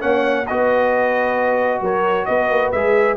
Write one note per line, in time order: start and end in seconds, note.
0.00 0.48 A#3
0.00 0.45 C#4
0.00 0.45 C#5
0.00 0.46 F#5
0.47 1.81 B3
0.47 2.75 F#4
0.47 1.82 B4
0.47 1.82 D#5
1.81 2.27 F#3
1.81 2.27 A#4
1.81 2.25 C#5
2.25 2.50 B3
2.25 3.17 B4
2.25 2.71 D#5
2.50 2.72 A#3
2.72 3.17 G#3
2.72 3.17 G#4
2.72 3.17 E5